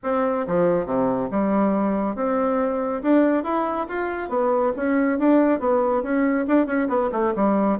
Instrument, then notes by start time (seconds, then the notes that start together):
bassoon
0.03 C4
0.47 F3
0.85 C3
1.30 G3
2.15 C4
3.02 D4
3.43 E4
3.88 F4
4.29 B3
4.76 C#4
5.18 D4
5.59 B3
6.02 C#4
6.47 D4
6.66 C#4
6.88 B3
7.12 A3
7.35 G3